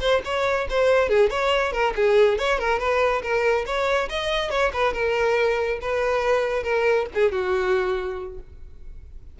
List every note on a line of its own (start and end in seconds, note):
0.00 0.21 C5
0.24 0.67 C#5
0.69 1.09 C5
1.09 1.30 G#4
1.30 1.72 C#5
1.72 1.93 A#4
1.95 2.38 G#4
2.38 2.59 C#5
2.59 2.79 A#4
2.79 3.22 B4
3.22 3.65 A#4
3.65 4.08 C#5
4.09 4.50 D#5
4.50 4.71 C#5
4.73 4.93 B4
4.93 5.79 A#4
5.81 6.63 B4
6.63 7.06 A#4
7.14 7.31 G#4
7.31 8.39 F#4